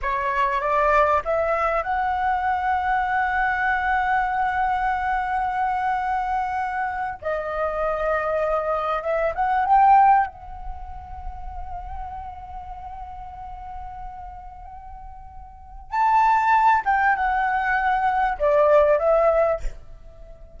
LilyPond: \new Staff \with { instrumentName = "flute" } { \time 4/4 \tempo 4 = 98 cis''4 d''4 e''4 fis''4~ | fis''1~ | fis''2.~ fis''8. dis''16~ | dis''2~ dis''8. e''8 fis''8 g''16~ |
g''8. fis''2.~ fis''16~ | fis''1~ | fis''2 a''4. g''8 | fis''2 d''4 e''4 | }